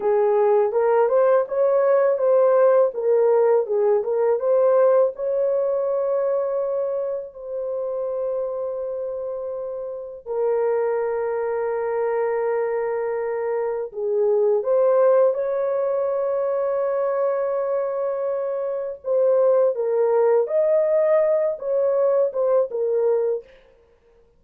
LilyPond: \new Staff \with { instrumentName = "horn" } { \time 4/4 \tempo 4 = 82 gis'4 ais'8 c''8 cis''4 c''4 | ais'4 gis'8 ais'8 c''4 cis''4~ | cis''2 c''2~ | c''2 ais'2~ |
ais'2. gis'4 | c''4 cis''2.~ | cis''2 c''4 ais'4 | dis''4. cis''4 c''8 ais'4 | }